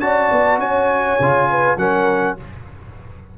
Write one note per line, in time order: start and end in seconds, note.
0.00 0.31 C#4
0.00 1.19 F#4
0.00 0.61 D5
0.00 0.59 A5
0.32 0.58 B3
0.58 1.18 C#4
0.58 1.50 C#5
0.58 1.78 G#5
1.20 1.77 C#3
1.20 1.78 F4
1.50 1.79 B4
1.77 2.36 F#3
1.77 2.37 C#4
1.77 2.38 A#4
1.77 2.37 F#5